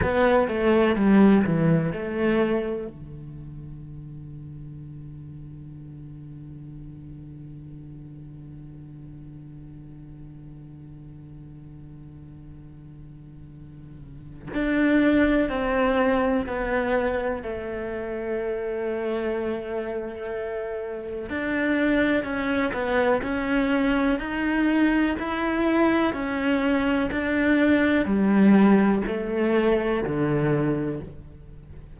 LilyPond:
\new Staff \with { instrumentName = "cello" } { \time 4/4 \tempo 4 = 62 b8 a8 g8 e8 a4 d4~ | d1~ | d1~ | d2. d'4 |
c'4 b4 a2~ | a2 d'4 cis'8 b8 | cis'4 dis'4 e'4 cis'4 | d'4 g4 a4 d4 | }